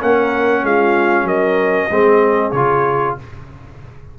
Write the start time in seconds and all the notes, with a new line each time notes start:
0.00 A#3 C#4 A#4 F#5
0.63 G#3 F4 F5
1.23 F#3 A#4 D#5
1.90 G#3 C4 G#4
2.51 C#3 F4 C#5